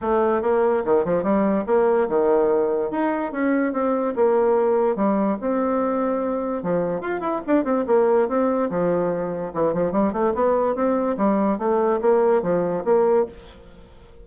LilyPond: \new Staff \with { instrumentName = "bassoon" } { \time 4/4 \tempo 4 = 145 a4 ais4 dis8 f8 g4 | ais4 dis2 dis'4 | cis'4 c'4 ais2 | g4 c'2. |
f4 f'8 e'8 d'8 c'8 ais4 | c'4 f2 e8 f8 | g8 a8 b4 c'4 g4 | a4 ais4 f4 ais4 | }